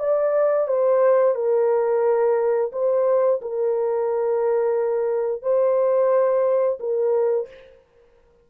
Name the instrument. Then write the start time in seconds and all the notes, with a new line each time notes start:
horn
0.00 D5
0.68 C5
1.35 A#4
2.73 C5
3.42 A#4
5.43 C5
6.80 A#4